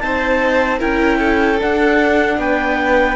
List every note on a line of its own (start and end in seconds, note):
0.00 0.82 C4
0.00 0.80 D#4
0.00 0.79 C5
0.00 0.79 A5
0.79 1.61 C#4
0.79 1.59 E4
0.79 1.18 A#4
0.79 1.60 G5
1.19 2.37 A4
1.59 3.16 D4
1.59 2.38 D4
1.59 2.40 F#5
2.38 3.16 B3
2.38 3.16 B4
2.38 3.16 G5